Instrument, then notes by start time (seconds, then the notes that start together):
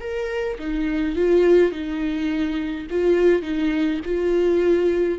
viola
0.00 A#4
0.58 D#4
1.15 F4
1.71 D#4
2.90 F4
3.42 D#4
4.05 F4